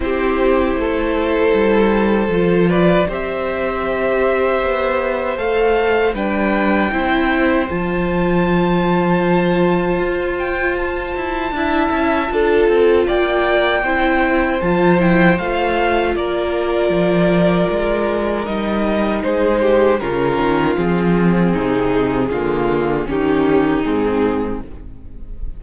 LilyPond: <<
  \new Staff \with { instrumentName = "violin" } { \time 4/4 \tempo 4 = 78 c''2.~ c''8 d''8 | e''2. f''4 | g''2 a''2~ | a''4. g''8 a''2~ |
a''4 g''2 a''8 g''8 | f''4 d''2. | dis''4 c''4 ais'4 gis'4~ | gis'2 g'4 gis'4 | }
  \new Staff \with { instrumentName = "violin" } { \time 4/4 g'4 a'2~ a'8 b'8 | c''1 | b'4 c''2.~ | c''2. e''4 |
a'4 d''4 c''2~ | c''4 ais'2.~ | ais'4 gis'8 g'8 f'2 | dis'4 f'4 dis'2 | }
  \new Staff \with { instrumentName = "viola" } { \time 4/4 e'2. f'4 | g'2. a'4 | d'4 e'4 f'2~ | f'2. e'4 |
f'2 e'4 f'8 e'8 | f'1 | dis'2 cis'4 c'4~ | c'4 ais4 cis'4 c'4 | }
  \new Staff \with { instrumentName = "cello" } { \time 4/4 c'4 a4 g4 f4 | c'2 b4 a4 | g4 c'4 f2~ | f4 f'4. e'8 d'8 cis'8 |
d'8 c'8 ais4 c'4 f4 | a4 ais4 f4 gis4 | g4 gis4 cis8 dis8 f4 | c4 d4 dis4 gis,4 | }
>>